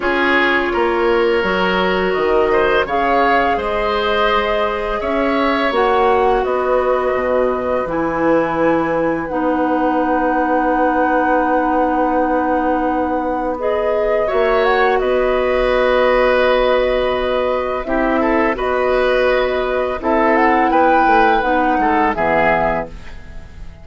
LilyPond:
<<
  \new Staff \with { instrumentName = "flute" } { \time 4/4 \tempo 4 = 84 cis''2. dis''4 | f''4 dis''2 e''4 | fis''4 dis''2 gis''4~ | gis''4 fis''2.~ |
fis''2. dis''4 | e''8 fis''8 dis''2.~ | dis''4 e''4 dis''2 | e''8 fis''8 g''4 fis''4 e''4 | }
  \new Staff \with { instrumentName = "oboe" } { \time 4/4 gis'4 ais'2~ ais'8 c''8 | cis''4 c''2 cis''4~ | cis''4 b'2.~ | b'1~ |
b'1 | cis''4 b'2.~ | b'4 g'8 a'8 b'2 | a'4 b'4. a'8 gis'4 | }
  \new Staff \with { instrumentName = "clarinet" } { \time 4/4 f'2 fis'2 | gis'1 | fis'2. e'4~ | e'4 dis'2.~ |
dis'2. gis'4 | fis'1~ | fis'4 e'4 fis'2 | e'2 dis'4 b4 | }
  \new Staff \with { instrumentName = "bassoon" } { \time 4/4 cis'4 ais4 fis4 dis4 | cis4 gis2 cis'4 | ais4 b4 b,4 e4~ | e4 b2.~ |
b1 | ais4 b2.~ | b4 c'4 b2 | c'4 b8 a8 b8 gis8 e4 | }
>>